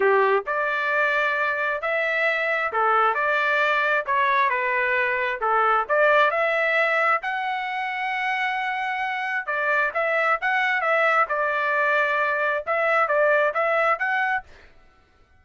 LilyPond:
\new Staff \with { instrumentName = "trumpet" } { \time 4/4 \tempo 4 = 133 g'4 d''2. | e''2 a'4 d''4~ | d''4 cis''4 b'2 | a'4 d''4 e''2 |
fis''1~ | fis''4 d''4 e''4 fis''4 | e''4 d''2. | e''4 d''4 e''4 fis''4 | }